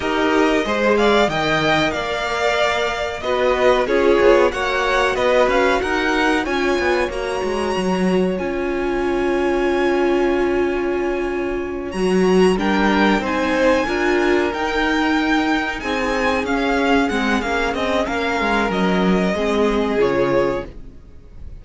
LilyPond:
<<
  \new Staff \with { instrumentName = "violin" } { \time 4/4 \tempo 4 = 93 dis''4. f''8 g''4 f''4~ | f''4 dis''4 cis''4 fis''4 | dis''8 f''8 fis''4 gis''4 ais''4~ | ais''4 gis''2.~ |
gis''2~ gis''8 ais''4 g''8~ | g''8 gis''2 g''4.~ | g''8 gis''4 f''4 fis''8 f''8 dis''8 | f''4 dis''2 cis''4 | }
  \new Staff \with { instrumentName = "violin" } { \time 4/4 ais'4 c''8 d''8 dis''4 d''4~ | d''4 b'4 gis'4 cis''4 | b'4 ais'4 cis''2~ | cis''1~ |
cis''2.~ cis''8 ais'8~ | ais'8 c''4 ais'2~ ais'8~ | ais'8 gis'2.~ gis'8 | ais'2 gis'2 | }
  \new Staff \with { instrumentName = "viola" } { \time 4/4 g'4 gis'4 ais'2~ | ais'4 fis'4 f'4 fis'4~ | fis'2 f'4 fis'4~ | fis'4 f'2.~ |
f'2~ f'8 fis'4 d'8~ | d'8 dis'4 f'4 dis'4.~ | dis'4. cis'4 c'8 cis'4~ | cis'2 c'4 f'4 | }
  \new Staff \with { instrumentName = "cello" } { \time 4/4 dis'4 gis4 dis4 ais4~ | ais4 b4 cis'8 b8 ais4 | b8 cis'8 dis'4 cis'8 b8 ais8 gis8 | fis4 cis'2.~ |
cis'2~ cis'8 fis4 g8~ | g8 c'4 d'4 dis'4.~ | dis'8 c'4 cis'4 gis8 ais8 c'8 | ais8 gis8 fis4 gis4 cis4 | }
>>